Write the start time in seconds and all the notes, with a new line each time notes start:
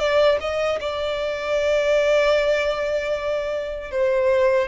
0.00 D5
0.41 D#5
0.81 D5
3.91 C5